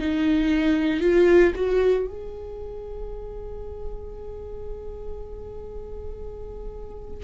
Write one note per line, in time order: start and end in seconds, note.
0.00 1.01 D#4
1.01 1.53 F4
1.56 2.07 F#4
2.07 7.24 G#4